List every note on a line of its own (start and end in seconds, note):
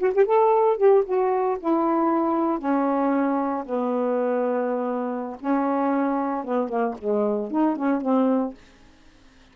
0.00 0.13 F#4
0.15 0.26 G4
0.26 0.78 A4
0.78 1.04 G4
1.06 1.58 F#4
1.60 2.59 E4
2.59 3.65 C#4
3.66 5.37 B3
5.40 6.45 C#4
6.45 6.69 B3
6.69 6.95 A#3
6.99 7.51 G#3
7.51 7.77 D#4
7.77 8.02 C#4
8.02 8.54 C4